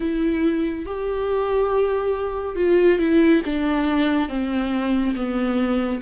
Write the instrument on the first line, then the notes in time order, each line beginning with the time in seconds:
viola
0.00 E4
0.85 G4
2.55 F4
2.98 E4
3.45 D4
4.28 C4
5.15 B3